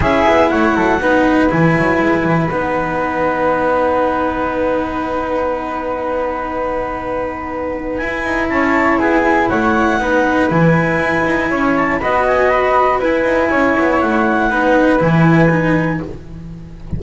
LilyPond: <<
  \new Staff \with { instrumentName = "clarinet" } { \time 4/4 \tempo 4 = 120 e''4 fis''2 gis''4~ | gis''4 fis''2.~ | fis''1~ | fis''1 |
gis''4 a''4 gis''4 fis''4~ | fis''4 gis''2~ gis''8 a''8 | b''8 gis''8 b''4 gis''2 | fis''2 gis''2 | }
  \new Staff \with { instrumentName = "flute" } { \time 4/4 gis'4 cis''8 a'8 b'2~ | b'1~ | b'1~ | b'1~ |
b'4 cis''4 gis'4 cis''4 | b'2. cis''4 | dis''2 b'4 cis''4~ | cis''4 b'2. | }
  \new Staff \with { instrumentName = "cello" } { \time 4/4 e'2 dis'4 e'4~ | e'4 dis'2.~ | dis'1~ | dis'1 |
e'1 | dis'4 e'2. | fis'2 e'2~ | e'4 dis'4 e'4 dis'4 | }
  \new Staff \with { instrumentName = "double bass" } { \time 4/4 cis'8 b8 a8 fis8 b4 e8 fis8 | gis8 e8 b2.~ | b1~ | b1 |
e'8 dis'8 cis'4 b4 a4 | b4 e4 e'8 dis'8 cis'4 | b2 e'8 dis'8 cis'8 b8 | a4 b4 e2 | }
>>